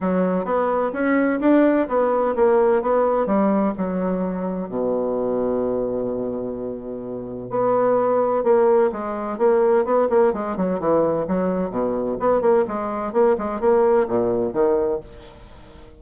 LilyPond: \new Staff \with { instrumentName = "bassoon" } { \time 4/4 \tempo 4 = 128 fis4 b4 cis'4 d'4 | b4 ais4 b4 g4 | fis2 b,2~ | b,1 |
b2 ais4 gis4 | ais4 b8 ais8 gis8 fis8 e4 | fis4 b,4 b8 ais8 gis4 | ais8 gis8 ais4 ais,4 dis4 | }